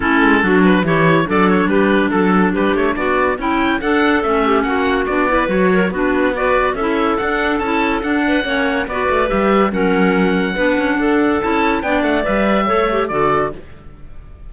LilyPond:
<<
  \new Staff \with { instrumentName = "oboe" } { \time 4/4 \tempo 4 = 142 a'4. b'8 cis''4 d''8 cis''8 | b'4 a'4 b'8 cis''8 d''4 | g''4 fis''4 e''4 fis''4 | d''4 cis''4 b'4 d''4 |
e''4 fis''4 a''4 fis''4~ | fis''4 d''4 e''4 fis''4~ | fis''2. a''4 | g''8 fis''8 e''2 d''4 | }
  \new Staff \with { instrumentName = "clarinet" } { \time 4/4 e'4 fis'4 g'4 a'4 | g'4 a'4 g'4 fis'4 | e'4 a'4. g'8 fis'4~ | fis'8 b'4 ais'8 fis'4 b'4 |
a'2.~ a'8 b'8 | cis''4 b'2 ais'4~ | ais'4 b'4 a'2 | d''2 cis''4 a'4 | }
  \new Staff \with { instrumentName = "clarinet" } { \time 4/4 cis'4 d'4 e'4 d'4~ | d'1 | e'4 d'4 cis'2 | d'8 e'8 fis'4 d'4 fis'4 |
e'4 d'4 e'4 d'4 | cis'4 fis'4 g'4 cis'4~ | cis'4 d'2 e'4 | d'4 b'4 a'8 g'8 fis'4 | }
  \new Staff \with { instrumentName = "cello" } { \time 4/4 a8 gis8 fis4 e4 fis4 | g4 fis4 g8 a8 b4 | cis'4 d'4 a4 ais4 | b4 fis4 b2 |
cis'4 d'4 cis'4 d'4 | ais4 b8 a8 g4 fis4~ | fis4 b8 cis'8 d'4 cis'4 | b8 a8 g4 a4 d4 | }
>>